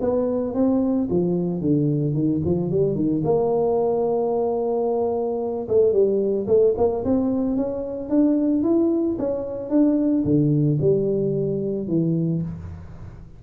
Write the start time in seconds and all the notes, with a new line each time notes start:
0.00 B3
0.54 C4
1.10 F3
1.60 D3
2.14 D#3
2.45 F3
2.71 G3
2.95 D#3
3.24 A#3
5.68 A3
5.92 G3
6.47 A3
6.77 A#3
7.04 C4
7.56 C#4
8.09 D4
8.63 E4
9.18 C#4
9.69 D4
10.24 D3
10.81 G3
11.87 E3